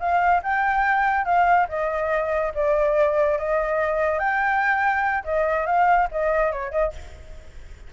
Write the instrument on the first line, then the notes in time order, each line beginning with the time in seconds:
flute
0.00 F5
0.43 G5
1.25 F5
1.69 D#5
2.55 D5
3.39 D#5
4.19 G5
5.24 D#5
5.66 F5
6.12 D#5
6.52 C#5
6.72 D#5